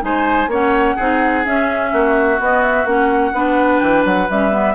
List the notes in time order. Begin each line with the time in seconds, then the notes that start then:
0.00 G#3 D#4 C5 G#5
0.47 A#3 C#4 C#5 F#5
0.95 C4 D#4 G#4
1.44 C#4 E5
1.92 A#3 F#4
2.38 B3 D#5
2.62 E5
2.84 A#3 C#4 F#5
3.33 B3 D4 B4
3.79 E3 G5
4.05 F#3 F#5
4.29 G3 C#4 E5
4.50 B3